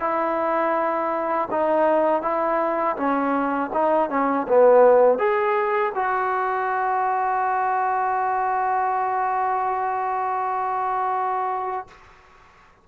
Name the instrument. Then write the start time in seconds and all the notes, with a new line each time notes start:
trombone
0.00 E4
1.51 D#4
2.22 E4
2.96 C#4
3.73 D#4
4.09 C#4
4.48 B3
5.18 G#4
5.95 F#4